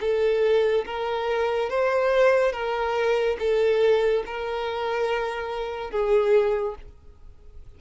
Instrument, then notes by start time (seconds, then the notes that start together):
violin
0.00 A4
0.85 A#4
1.69 C5
2.52 A#4
3.39 A4
4.26 A#4
5.91 G#4